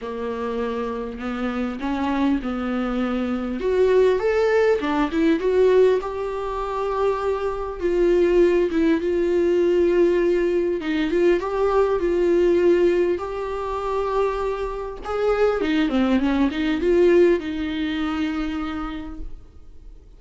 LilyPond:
\new Staff \with { instrumentName = "viola" } { \time 4/4 \tempo 4 = 100 ais2 b4 cis'4 | b2 fis'4 a'4 | d'8 e'8 fis'4 g'2~ | g'4 f'4. e'8 f'4~ |
f'2 dis'8 f'8 g'4 | f'2 g'2~ | g'4 gis'4 dis'8 c'8 cis'8 dis'8 | f'4 dis'2. | }